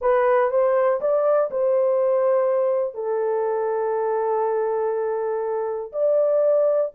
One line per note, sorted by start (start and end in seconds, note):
0.01 0.50 B4
0.50 1.00 C5
1.01 1.50 D5
1.50 2.94 C5
2.94 5.92 A4
5.92 6.91 D5